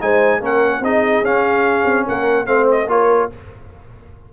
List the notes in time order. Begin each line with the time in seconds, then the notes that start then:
0.00 G#3 D#4 C5 G#5
0.40 A#3 C#4 A#4 F#5
0.80 C4 D#4 G#4 D#5
1.22 C#4 F5
1.85 C4
2.06 A#3 A#4 F#5
2.46 A3 C4 C5 F5
2.71 D#5
2.87 A#3 F4 A#4 C#5